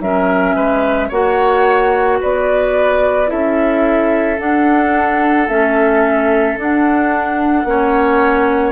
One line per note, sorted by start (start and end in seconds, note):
0.00 0.55 F#3
0.00 1.11 C#4
0.00 0.55 A#4
0.00 1.10 E5
0.55 1.10 G#3
0.55 1.08 B4
1.08 2.20 A#3
1.08 3.27 F#4
1.08 2.17 C#5
1.08 2.20 F#5
2.21 3.31 B3
2.21 3.30 B4
2.21 3.30 D5
3.27 4.39 C#4
3.27 4.36 E4
3.27 7.67 A4
3.27 4.39 E5
4.39 5.48 D4
4.39 5.48 F#5
5.48 6.56 A3
5.48 6.58 C#4
5.48 6.57 E5
6.56 7.64 D4
6.56 7.66 D4
6.56 8.71 F#5
7.64 8.71 A#3
7.64 8.71 C#4
7.64 8.71 C#5